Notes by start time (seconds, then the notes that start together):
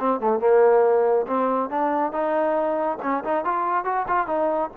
0.00 C4
0.20 A3
0.40 A#3
1.27 C4
1.70 D4
2.12 D#4
3.03 C#4
3.25 D#4
3.45 F4
3.85 F#4
4.08 F4
4.27 D#4